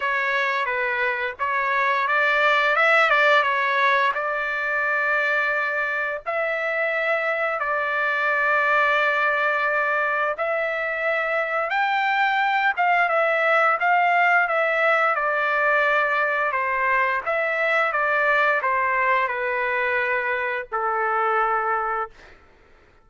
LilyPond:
\new Staff \with { instrumentName = "trumpet" } { \time 4/4 \tempo 4 = 87 cis''4 b'4 cis''4 d''4 | e''8 d''8 cis''4 d''2~ | d''4 e''2 d''4~ | d''2. e''4~ |
e''4 g''4. f''8 e''4 | f''4 e''4 d''2 | c''4 e''4 d''4 c''4 | b'2 a'2 | }